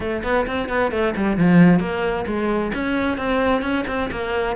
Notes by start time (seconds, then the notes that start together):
0.00 A3
0.23 B3
0.46 C4
0.68 B3
0.91 A3
1.16 G3
1.37 F3
1.79 A#3
2.26 G#3
2.74 C#4
3.17 C4
3.62 C#4
3.87 C4
4.11 A#3